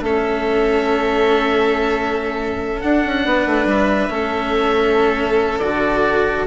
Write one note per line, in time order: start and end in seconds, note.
0.00 2.79 A3
0.00 2.83 C#4
0.00 3.25 A4
0.00 2.81 E5
2.81 4.09 D4
2.81 3.05 D4
2.81 3.66 F#5
3.05 3.25 C#4
3.25 3.46 B3
3.25 4.12 B4
3.46 3.65 A3
3.65 4.08 G3
3.65 5.59 E5
4.09 5.59 A3
4.09 5.59 C#4
4.09 6.47 A4
5.59 6.47 D3
5.59 6.47 F#4
5.59 6.44 D5